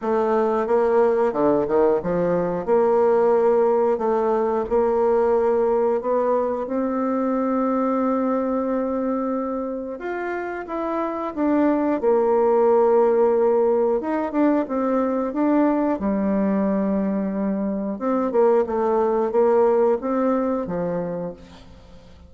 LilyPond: \new Staff \with { instrumentName = "bassoon" } { \time 4/4 \tempo 4 = 90 a4 ais4 d8 dis8 f4 | ais2 a4 ais4~ | ais4 b4 c'2~ | c'2. f'4 |
e'4 d'4 ais2~ | ais4 dis'8 d'8 c'4 d'4 | g2. c'8 ais8 | a4 ais4 c'4 f4 | }